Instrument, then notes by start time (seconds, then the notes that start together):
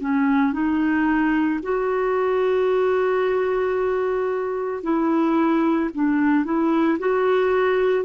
clarinet
0.00 C#4
0.52 D#4
1.62 F#4
4.83 E4
5.94 D4
6.44 E4
6.98 F#4